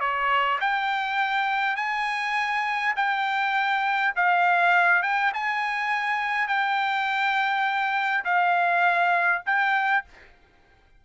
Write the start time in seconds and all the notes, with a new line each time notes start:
0.00 C#5
0.60 G5
1.76 G#5
2.96 G5
4.16 F5
5.03 G5
5.34 G#5
6.48 G5
8.25 F5
9.46 G5